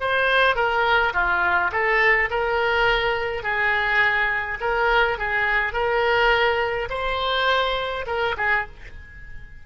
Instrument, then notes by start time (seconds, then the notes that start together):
oboe
0.00 C5
0.55 A#4
1.13 F4
1.72 A4
2.30 A#4
3.43 G#4
4.61 A#4
5.18 G#4
5.73 A#4
6.90 C5
8.07 A#4
8.37 G#4